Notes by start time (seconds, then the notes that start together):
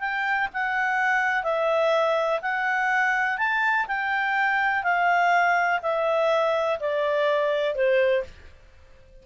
0.00 G5
0.53 F#5
1.44 E5
2.42 F#5
3.38 A5
3.88 G5
4.84 F5
5.82 E5
6.80 D5
7.75 C5